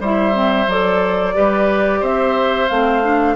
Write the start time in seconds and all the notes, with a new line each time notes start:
0.00 G3 E4 C5 E5
0.33 C4
0.68 F#3 A4 D5
1.35 G3 G4 B4
2.00 C4 C5 E5
2.69 A3 C4 F5
3.04 D4